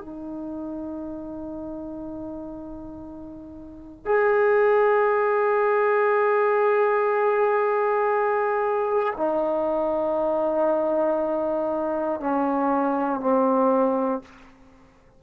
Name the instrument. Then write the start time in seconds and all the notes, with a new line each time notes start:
trombone
0.00 D#4
4.05 G#4
9.17 D#4
12.20 C#4
13.20 C4